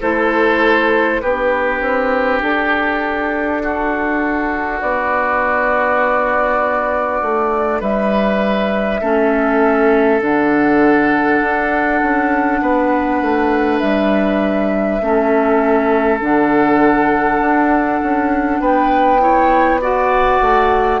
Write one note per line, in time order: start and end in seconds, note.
0.00 1.21 A3
0.00 1.21 E4
0.00 1.20 A4
0.00 1.21 C5
1.21 1.81 B3
1.21 9.02 D4
1.21 3.62 G4
1.21 2.41 B4
1.81 2.41 C4
2.41 4.81 D4
2.41 4.80 A4
3.62 7.80 F#4
4.80 7.21 B3
4.80 7.81 D5
7.21 7.81 A3
7.80 9.01 G3
7.80 9.00 B4
7.80 10.21 E5
9.00 10.20 A3
9.00 10.19 C#4
9.00 12.60 A4
10.19 11.40 D3
10.19 14.99 D4
10.19 13.78 F#5
11.41 12.01 D4
12.01 12.61 C#4
12.61 13.21 B3
12.61 15.02 B4
13.21 13.81 A3
13.78 15.00 G3
13.78 16.18 E5
15.00 16.20 A3
15.00 16.21 C#4
15.00 18.61 A4
16.20 17.40 D3
16.20 19.19 D4
16.20 18.60 F#5
17.40 18.00 D4
18.02 18.59 C#4
18.59 20.39 B3
18.59 19.21 B4
18.59 19.80 G5
19.19 19.79 E4
19.19 19.80 C#5
19.80 21.00 F#4
19.80 21.00 D5
19.80 21.00 F#5
20.41 21.00 A3